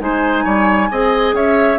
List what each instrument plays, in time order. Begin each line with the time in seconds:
0.00 bassoon G#3, clarinet D#4, oboe C5, flute G#5
0.44 bassoon G3, oboe C#5
0.91 bassoon C4, clarinet G#4, oboe D#5
1.33 bassoon C#4, oboe C#5, flute E5